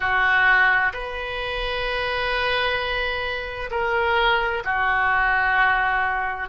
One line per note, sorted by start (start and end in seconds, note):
0.00 0.92 F#4
0.93 3.70 B4
3.70 4.63 A#4
4.64 6.49 F#4